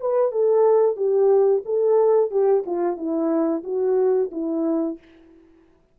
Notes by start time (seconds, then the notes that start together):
0.00 B4
0.32 A4
0.96 G4
1.65 A4
2.31 G4
2.66 F4
2.97 E4
3.64 F#4
4.32 E4